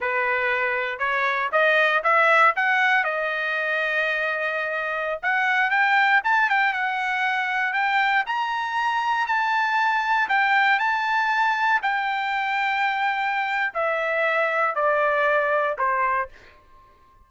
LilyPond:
\new Staff \with { instrumentName = "trumpet" } { \time 4/4 \tempo 4 = 118 b'2 cis''4 dis''4 | e''4 fis''4 dis''2~ | dis''2~ dis''16 fis''4 g''8.~ | g''16 a''8 g''8 fis''2 g''8.~ |
g''16 ais''2 a''4.~ a''16~ | a''16 g''4 a''2 g''8.~ | g''2. e''4~ | e''4 d''2 c''4 | }